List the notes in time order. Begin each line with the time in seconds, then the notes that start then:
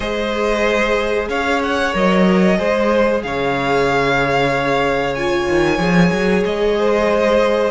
0.00 G#3 G#4 C5 D#5
1.28 C#4 C#5 F5
1.62 F#5
1.92 F#3 A#4 D#5
2.57 G#3 G#4 C5
3.22 C#3 C#5 F5
5.14 F4 G#5
5.48 D#3
5.78 F3 G#4
6.11 F#3
6.44 G#3 D#5
6.78 C5